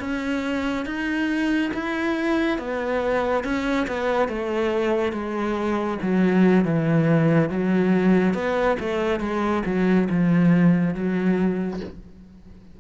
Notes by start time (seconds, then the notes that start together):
0.00 C#4
0.86 D#4
1.74 E4
2.58 B3
3.44 C#4
3.87 B3
4.29 A3
5.12 G#3
6.02 F#3
6.65 E3
7.50 F#3
8.34 B3
8.79 A3
9.20 G#3
9.65 F#3
10.10 F3
10.94 F#3